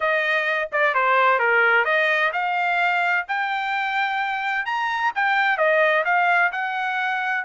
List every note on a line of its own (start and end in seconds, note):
0.00 0.68 D#5
0.71 0.94 D5
0.94 1.39 C5
1.39 1.85 A#4
1.85 2.31 D#5
2.33 3.26 F5
3.28 4.65 G5
4.65 5.12 A#5
5.15 5.57 G5
5.57 6.04 D#5
6.05 6.51 F5
6.51 7.44 F#5